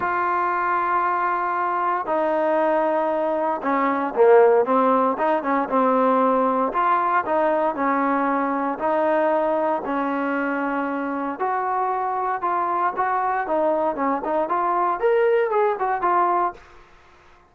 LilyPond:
\new Staff \with { instrumentName = "trombone" } { \time 4/4 \tempo 4 = 116 f'1 | dis'2. cis'4 | ais4 c'4 dis'8 cis'8 c'4~ | c'4 f'4 dis'4 cis'4~ |
cis'4 dis'2 cis'4~ | cis'2 fis'2 | f'4 fis'4 dis'4 cis'8 dis'8 | f'4 ais'4 gis'8 fis'8 f'4 | }